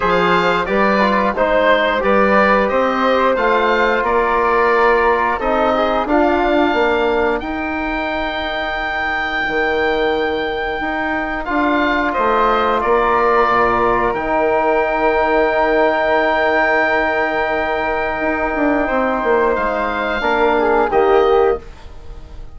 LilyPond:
<<
  \new Staff \with { instrumentName = "oboe" } { \time 4/4 \tempo 4 = 89 f''4 d''4 c''4 d''4 | dis''4 f''4 d''2 | dis''4 f''2 g''4~ | g''1~ |
g''4 f''4 dis''4 d''4~ | d''4 g''2.~ | g''1~ | g''4 f''2 dis''4 | }
  \new Staff \with { instrumentName = "flute" } { \time 4/4 c''4 b'4 c''4 b'4 | c''2 ais'2 | a'8 gis'8 f'4 ais'2~ | ais'1~ |
ais'2 c''4 ais'4~ | ais'1~ | ais'1 | c''2 ais'8 gis'8 g'4 | }
  \new Staff \with { instrumentName = "trombone" } { \time 4/4 gis'4 g'8 f'8 dis'4 g'4~ | g'4 f'2. | dis'4 d'2 dis'4~ | dis'1~ |
dis'4 f'2.~ | f'4 dis'2.~ | dis'1~ | dis'2 d'4 ais4 | }
  \new Staff \with { instrumentName = "bassoon" } { \time 4/4 f4 g4 gis4 g4 | c'4 a4 ais2 | c'4 d'4 ais4 dis'4~ | dis'2 dis2 |
dis'4 d'4 a4 ais4 | ais,4 dis2.~ | dis2. dis'8 d'8 | c'8 ais8 gis4 ais4 dis4 | }
>>